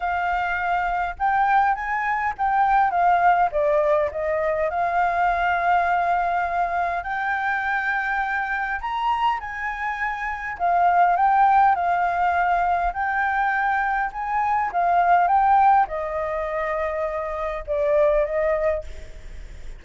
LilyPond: \new Staff \with { instrumentName = "flute" } { \time 4/4 \tempo 4 = 102 f''2 g''4 gis''4 | g''4 f''4 d''4 dis''4 | f''1 | g''2. ais''4 |
gis''2 f''4 g''4 | f''2 g''2 | gis''4 f''4 g''4 dis''4~ | dis''2 d''4 dis''4 | }